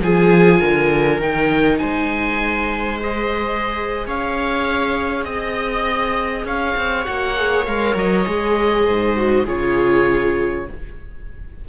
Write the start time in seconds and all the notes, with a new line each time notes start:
0.00 F3 F4 G#4 G#5
0.60 D3 A#4
1.20 D#3 D#4 G5
1.78 G#3 C5 G#5
3.00 G#4 D#5
4.06 C#4 C#5 F5
5.24 C4 D#5
6.44 C#4 C#5 F5
6.76 C4
7.04 A#3 F#4 F#5
7.36 G#4
7.65 G#3 A#4 F5
7.95 F#3 D#5
8.26 G#3 G#4
8.85 G#2 C5
9.16 F#4
9.45 C#3 F4 G#4 C#5